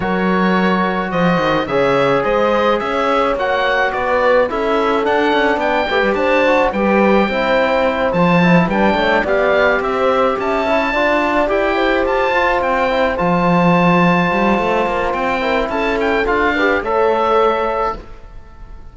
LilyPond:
<<
  \new Staff \with { instrumentName = "oboe" } { \time 4/4 \tempo 4 = 107 cis''2 dis''4 e''4 | dis''4 e''4 fis''4 d''4 | e''4 fis''4 g''4 a''4 | g''2~ g''8 a''4 g''8~ |
g''8 f''4 e''4 a''4.~ | a''8 g''4 a''4 g''4 a''8~ | a''2. g''4 | a''8 g''8 f''4 e''2 | }
  \new Staff \with { instrumentName = "horn" } { \time 4/4 ais'2 c''4 cis''4 | c''4 cis''2 b'4 | a'2 d''8 b'8 c''4 | b'4 c''2~ c''8 b'8 |
cis''8 d''4 c''4 e''4 d''8~ | d''4 c''2.~ | c''2.~ c''8 ais'8 | a'4. b'8 cis''2 | }
  \new Staff \with { instrumentName = "trombone" } { \time 4/4 fis'2. gis'4~ | gis'2 fis'2 | e'4 d'4. g'4 fis'8 | g'4 e'4. f'8 e'8 d'8~ |
d'8 g'2~ g'8 e'8 f'8~ | f'8 g'4. f'4 e'8 f'8~ | f'2.~ f'8 e'8~ | e'4 f'8 g'8 a'2 | }
  \new Staff \with { instrumentName = "cello" } { \time 4/4 fis2 f8 dis8 cis4 | gis4 cis'4 ais4 b4 | cis'4 d'8 cis'8 b8 a16 g16 d'4 | g4 c'4. f4 g8 |
a8 b4 c'4 cis'4 d'8~ | d'8 e'4 f'4 c'4 f8~ | f4. g8 a8 ais8 c'4 | cis'4 d'4 a2 | }
>>